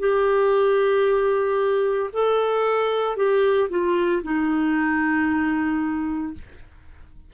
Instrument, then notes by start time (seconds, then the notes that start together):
clarinet
0.00 G4
2.13 A4
3.17 G4
3.70 F4
4.23 D#4